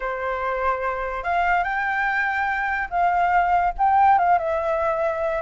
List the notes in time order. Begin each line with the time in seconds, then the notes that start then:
0.00 C5
1.23 F5
1.63 G5
2.90 F5
3.77 G5
4.18 F5
4.38 E5